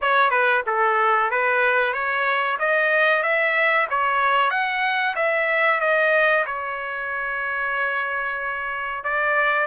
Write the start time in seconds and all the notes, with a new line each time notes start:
0.01 C#5
0.30 B4
0.66 A4
1.30 B4
1.93 C#5
2.59 D#5
3.22 E5
3.90 C#5
4.50 F#5
5.15 E5
5.80 D#5
6.46 C#5
9.04 D5